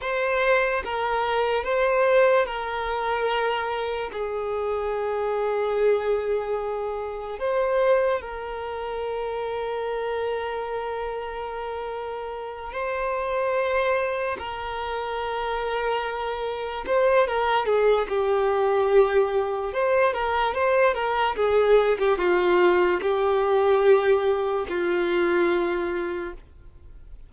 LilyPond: \new Staff \with { instrumentName = "violin" } { \time 4/4 \tempo 4 = 73 c''4 ais'4 c''4 ais'4~ | ais'4 gis'2.~ | gis'4 c''4 ais'2~ | ais'2.~ ais'8 c''8~ |
c''4. ais'2~ ais'8~ | ais'8 c''8 ais'8 gis'8 g'2 | c''8 ais'8 c''8 ais'8 gis'8. g'16 f'4 | g'2 f'2 | }